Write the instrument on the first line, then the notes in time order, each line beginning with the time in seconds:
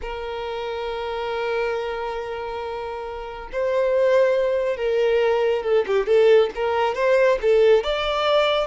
violin
0.01 A#4
3.52 C5
4.76 A#4
5.63 A4
5.87 G4
6.06 A4
6.55 A#4
6.94 C5
7.42 A4
7.83 D5